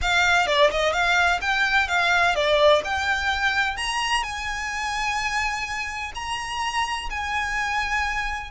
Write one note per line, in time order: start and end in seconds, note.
0.01 0.47 F5
0.47 0.70 D5
0.70 0.92 D#5
0.92 1.39 F5
1.41 1.87 G5
1.87 2.35 F5
2.35 2.82 D5
2.84 3.76 G5
3.76 4.23 A#5
4.23 6.12 G#5
6.14 7.09 A#5
7.10 8.50 G#5